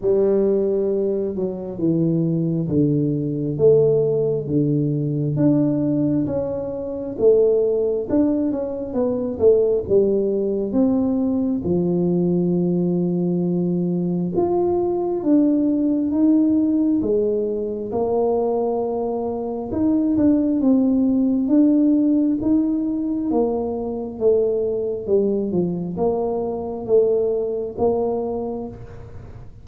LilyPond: \new Staff \with { instrumentName = "tuba" } { \time 4/4 \tempo 4 = 67 g4. fis8 e4 d4 | a4 d4 d'4 cis'4 | a4 d'8 cis'8 b8 a8 g4 | c'4 f2. |
f'4 d'4 dis'4 gis4 | ais2 dis'8 d'8 c'4 | d'4 dis'4 ais4 a4 | g8 f8 ais4 a4 ais4 | }